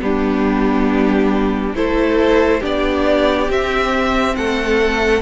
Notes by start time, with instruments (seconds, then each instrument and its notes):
0.00 cello G3, viola B3, violin D4 G4
1.74 cello A3, viola E4, violin A4 C5
2.60 cello B3, viola D4, violin G4 D5
3.49 cello C4, viola C4, violin E5
4.36 cello A3, violin A4 F#5